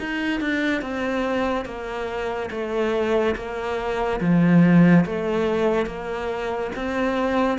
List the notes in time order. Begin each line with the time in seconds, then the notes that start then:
0.00 D#4
0.41 D4
0.82 C4
1.65 A#3
2.51 A3
3.36 A#3
4.21 F3
5.06 A3
5.87 A#3
6.76 C4